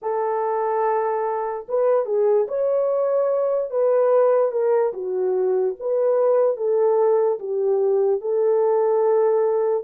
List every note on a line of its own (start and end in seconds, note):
0.01 1.66 A4
1.68 2.05 B4
2.05 2.46 G#4
2.48 3.70 C#5
3.70 4.51 B4
4.51 4.92 A#4
4.93 5.75 F#4
5.79 6.56 B4
6.56 7.39 A4
7.39 8.20 G4
8.20 9.83 A4